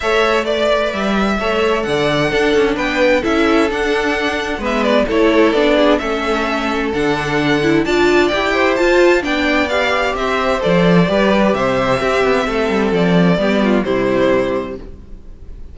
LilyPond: <<
  \new Staff \with { instrumentName = "violin" } { \time 4/4 \tempo 4 = 130 e''4 d''4 e''2 | fis''2 g''4 e''4 | fis''2 e''8 d''8 cis''4 | d''4 e''2 fis''4~ |
fis''4 a''4 g''4 a''4 | g''4 f''4 e''4 d''4~ | d''4 e''2. | d''2 c''2 | }
  \new Staff \with { instrumentName = "violin" } { \time 4/4 cis''4 d''2 cis''4 | d''4 a'4 b'4 a'4~ | a'2 b'4 a'4~ | a'8 gis'8 a'2.~ |
a'4 d''4. c''4. | d''2 c''2 | b'4 c''4 g'4 a'4~ | a'4 g'8 f'8 e'2 | }
  \new Staff \with { instrumentName = "viola" } { \time 4/4 a'4 b'2 a'4~ | a'4 d'2 e'4 | d'2 b4 e'4 | d'4 cis'2 d'4~ |
d'8 e'8 f'4 g'4 f'4 | d'4 g'2 a'4 | g'2 c'2~ | c'4 b4 g2 | }
  \new Staff \with { instrumentName = "cello" } { \time 4/4 a2 g4 a4 | d4 d'8 cis'8 b4 cis'4 | d'2 gis4 a4 | b4 a2 d4~ |
d4 d'4 e'4 f'4 | b2 c'4 f4 | g4 c4 c'8 b8 a8 g8 | f4 g4 c2 | }
>>